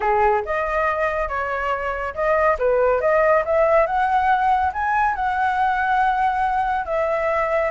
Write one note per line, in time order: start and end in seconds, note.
0.00 0.43 G#4
0.45 1.28 D#5
1.28 2.14 C#5
2.14 2.57 D#5
2.58 3.01 B4
3.01 3.43 D#5
3.45 3.86 E5
3.86 4.72 F#5
4.72 5.15 G#5
5.15 6.85 F#5
6.85 7.71 E5